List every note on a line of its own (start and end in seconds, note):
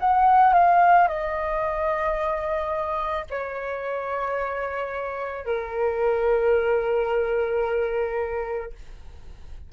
0.00 0.54 F#5
0.54 1.08 F5
1.08 3.26 D#5
3.31 5.46 C#5
5.46 8.73 A#4